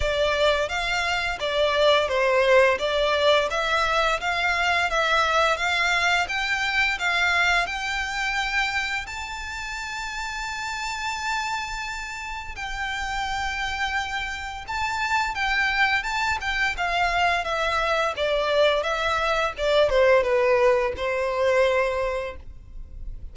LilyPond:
\new Staff \with { instrumentName = "violin" } { \time 4/4 \tempo 4 = 86 d''4 f''4 d''4 c''4 | d''4 e''4 f''4 e''4 | f''4 g''4 f''4 g''4~ | g''4 a''2.~ |
a''2 g''2~ | g''4 a''4 g''4 a''8 g''8 | f''4 e''4 d''4 e''4 | d''8 c''8 b'4 c''2 | }